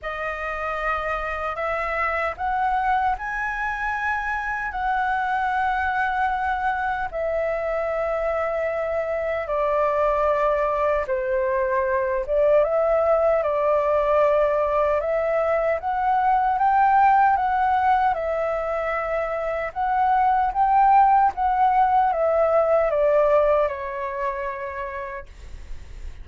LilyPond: \new Staff \with { instrumentName = "flute" } { \time 4/4 \tempo 4 = 76 dis''2 e''4 fis''4 | gis''2 fis''2~ | fis''4 e''2. | d''2 c''4. d''8 |
e''4 d''2 e''4 | fis''4 g''4 fis''4 e''4~ | e''4 fis''4 g''4 fis''4 | e''4 d''4 cis''2 | }